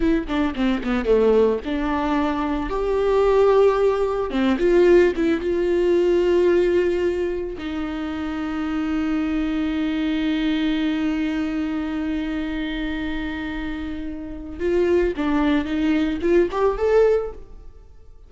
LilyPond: \new Staff \with { instrumentName = "viola" } { \time 4/4 \tempo 4 = 111 e'8 d'8 c'8 b8 a4 d'4~ | d'4 g'2. | c'8 f'4 e'8 f'2~ | f'2 dis'2~ |
dis'1~ | dis'1~ | dis'2. f'4 | d'4 dis'4 f'8 g'8 a'4 | }